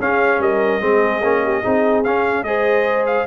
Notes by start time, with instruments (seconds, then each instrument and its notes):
0.00 tuba C#4, trombone C#4, horn G#4, trumpet F5
0.39 tuba G3, horn A#4, trumpet D#5
0.81 tuba G#3, trombone C4, horn G#4
1.22 tuba A#3, trombone C#4
1.44 horn G4
1.61 tuba C4, trombone D#4, horn G#4
2.04 tuba C#4, trombone C#4, trumpet F5
2.43 tuba G#3, trombone G#4, horn C5, trumpet D#5
3.07 trumpet F5